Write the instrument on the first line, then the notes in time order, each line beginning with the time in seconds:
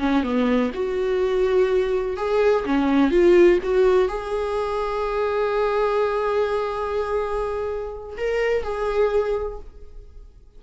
viola
0.00 C#4
0.24 B3
0.75 F#4
2.17 G#4
2.66 C#4
3.11 F4
3.64 F#4
4.09 G#4
8.18 A#4
8.64 G#4